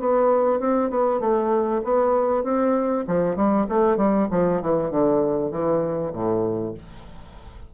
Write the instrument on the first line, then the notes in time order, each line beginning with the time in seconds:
bassoon
0.00 B3
0.60 C4
0.90 B3
1.21 A3
1.85 B3
2.44 C4
3.08 F3
3.36 G3
3.69 A3
3.97 G3
4.31 F3
4.62 E3
4.91 D3
5.52 E3
6.13 A2